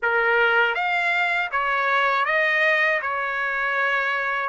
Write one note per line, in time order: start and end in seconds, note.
0.02 0.75 A#4
0.75 1.50 F5
1.51 2.25 C#5
2.25 3.00 D#5
3.01 4.49 C#5